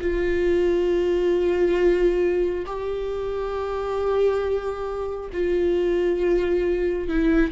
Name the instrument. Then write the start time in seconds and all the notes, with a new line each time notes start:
viola
0.00 F4
2.65 G4
5.32 F4
7.08 E4